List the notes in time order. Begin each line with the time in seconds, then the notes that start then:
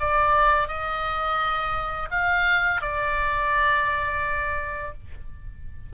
0.00 D5
0.68 D#5
2.11 F5
2.82 D5